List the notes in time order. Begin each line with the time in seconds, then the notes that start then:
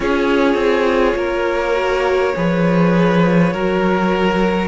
0.00 C#4 F4 G#4 C#5
0.54 C4
1.15 A#3 A#4
1.74 F#4
2.35 F3 G#4 B4
3.53 F#3 F#4 A#4